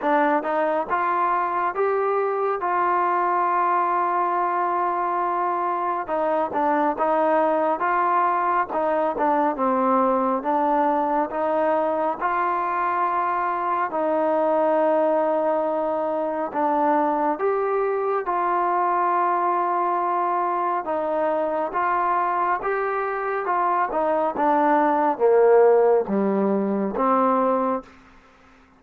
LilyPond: \new Staff \with { instrumentName = "trombone" } { \time 4/4 \tempo 4 = 69 d'8 dis'8 f'4 g'4 f'4~ | f'2. dis'8 d'8 | dis'4 f'4 dis'8 d'8 c'4 | d'4 dis'4 f'2 |
dis'2. d'4 | g'4 f'2. | dis'4 f'4 g'4 f'8 dis'8 | d'4 ais4 g4 c'4 | }